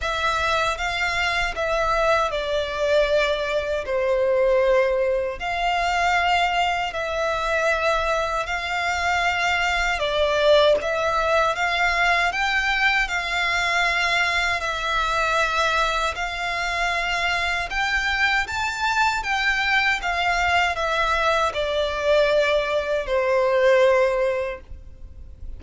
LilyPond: \new Staff \with { instrumentName = "violin" } { \time 4/4 \tempo 4 = 78 e''4 f''4 e''4 d''4~ | d''4 c''2 f''4~ | f''4 e''2 f''4~ | f''4 d''4 e''4 f''4 |
g''4 f''2 e''4~ | e''4 f''2 g''4 | a''4 g''4 f''4 e''4 | d''2 c''2 | }